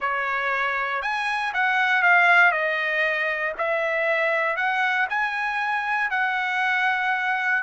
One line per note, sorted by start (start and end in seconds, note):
0.00 1.02 C#5
1.02 1.53 G#5
1.53 2.02 F#5
2.02 2.51 F5
2.51 3.53 D#5
3.58 4.56 E5
4.56 5.07 F#5
5.09 6.10 G#5
6.10 7.62 F#5